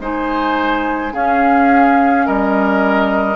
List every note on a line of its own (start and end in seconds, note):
0.00 1.13 G#3
0.00 1.12 D#4
0.00 1.13 C5
0.00 1.14 G#5
1.12 3.36 C#4
1.12 2.27 C#4
1.12 2.26 G#4
1.12 2.26 F5
2.26 3.36 G3
2.26 3.36 A#4
2.26 3.36 D#5